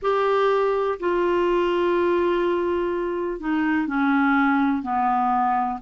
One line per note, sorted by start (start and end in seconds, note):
0.02 0.99 G4
0.99 3.40 F4
3.40 3.87 D#4
3.87 4.82 C#4
4.82 5.79 B3